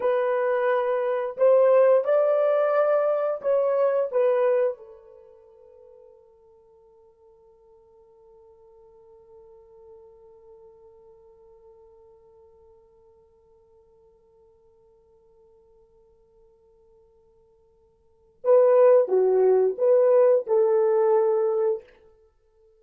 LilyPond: \new Staff \with { instrumentName = "horn" } { \time 4/4 \tempo 4 = 88 b'2 c''4 d''4~ | d''4 cis''4 b'4 a'4~ | a'1~ | a'1~ |
a'1~ | a'1~ | a'2. b'4 | fis'4 b'4 a'2 | }